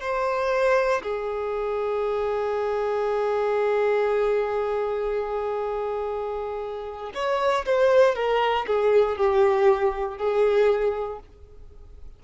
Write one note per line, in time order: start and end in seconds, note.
0.00 1.02 C5
1.02 7.12 G#4
7.14 7.65 C#5
7.65 8.15 C5
8.15 8.66 A#4
8.66 9.17 G#4
9.17 10.17 G4
10.17 11.19 G#4